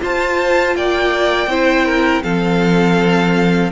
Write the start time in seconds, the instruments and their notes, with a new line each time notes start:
0.00 viola F4, cello F4, violin C5 A5
0.76 cello A#3, violin D5 G5
1.47 cello C4, viola E4, violin C5
1.86 violin A#4
2.23 cello F3, viola C4, violin A4 F5